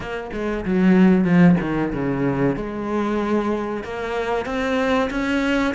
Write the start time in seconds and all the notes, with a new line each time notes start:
0.00 A#3
0.32 G#3
0.65 F#3
1.24 F3
1.60 D#3
1.93 C#3
2.55 G#3
3.83 A#3
4.45 C4
5.10 C#4